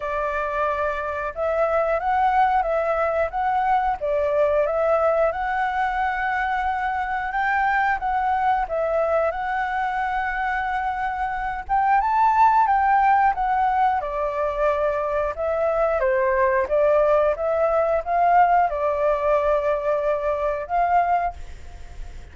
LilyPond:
\new Staff \with { instrumentName = "flute" } { \time 4/4 \tempo 4 = 90 d''2 e''4 fis''4 | e''4 fis''4 d''4 e''4 | fis''2. g''4 | fis''4 e''4 fis''2~ |
fis''4. g''8 a''4 g''4 | fis''4 d''2 e''4 | c''4 d''4 e''4 f''4 | d''2. f''4 | }